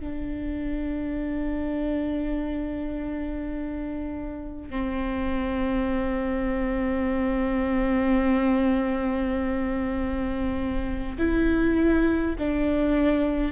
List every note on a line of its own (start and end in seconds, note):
0.00 4.71 D4
4.71 11.18 C4
11.19 12.36 E4
12.39 13.52 D4